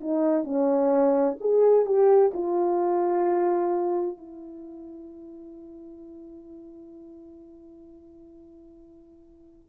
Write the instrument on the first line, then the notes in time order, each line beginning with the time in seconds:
horn
0.00 D#4
0.44 C#4
1.40 G#4
1.85 G4
2.33 F4
4.17 E4